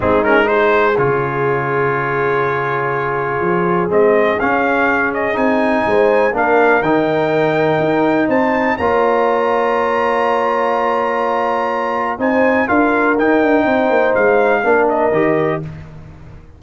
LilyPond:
<<
  \new Staff \with { instrumentName = "trumpet" } { \time 4/4 \tempo 4 = 123 gis'8 ais'8 c''4 cis''2~ | cis''1 | dis''4 f''4. dis''8 gis''4~ | gis''4 f''4 g''2~ |
g''4 a''4 ais''2~ | ais''1~ | ais''4 gis''4 f''4 g''4~ | g''4 f''4. dis''4. | }
  \new Staff \with { instrumentName = "horn" } { \time 4/4 dis'4 gis'2.~ | gis'1~ | gis'1 | c''4 ais'2.~ |
ais'4 c''4 cis''2~ | cis''1~ | cis''4 c''4 ais'2 | c''2 ais'2 | }
  \new Staff \with { instrumentName = "trombone" } { \time 4/4 c'8 cis'8 dis'4 f'2~ | f'1 | c'4 cis'2 dis'4~ | dis'4 d'4 dis'2~ |
dis'2 f'2~ | f'1~ | f'4 dis'4 f'4 dis'4~ | dis'2 d'4 g'4 | }
  \new Staff \with { instrumentName = "tuba" } { \time 4/4 gis2 cis2~ | cis2. f4 | gis4 cis'2 c'4 | gis4 ais4 dis2 |
dis'4 c'4 ais2~ | ais1~ | ais4 c'4 d'4 dis'8 d'8 | c'8 ais8 gis4 ais4 dis4 | }
>>